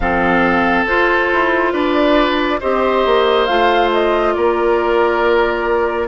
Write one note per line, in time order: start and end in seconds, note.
0.00 0.85 F3
0.00 0.87 C4
0.00 1.72 A4
0.00 0.85 F5
0.86 1.29 F4
0.86 2.61 F4
0.86 1.72 C5
1.32 1.73 E4
1.72 2.60 D4
1.72 2.59 B4
1.72 2.59 D5
2.59 3.05 C4
2.59 3.47 G4
2.59 4.33 C5
2.59 3.45 D#5
3.05 3.48 A#3
3.45 4.35 A3
3.45 6.07 F4
3.45 3.89 F5
3.93 4.34 D#5
4.34 6.07 A#3
4.34 6.07 A#4
4.34 6.07 D5